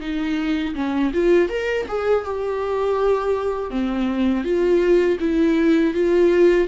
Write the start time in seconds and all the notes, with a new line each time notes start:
0.00 D#4
0.75 C#4
1.13 F4
1.49 A#4
1.88 G#4
2.25 G4
3.70 C4
4.43 F4
5.20 E4
5.94 F4